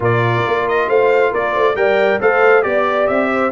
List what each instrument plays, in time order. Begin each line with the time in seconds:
0.00 tuba A#2, trombone F4, horn A#4, trumpet D5
0.46 tuba A#3
0.68 trumpet D#5
0.88 tuba A3, horn C5, trumpet F5
1.31 tuba A#3, horn A#4, trumpet D5
1.52 tuba A3, horn C5
1.75 tuba G3, trombone A#4, horn D5, trumpet G5
2.21 tuba A3, trombone A4, horn C5, trumpet F5
2.62 tuba B3, trombone G4, trumpet D5, horn D5
3.07 tuba C4, trumpet E5
3.32 horn C5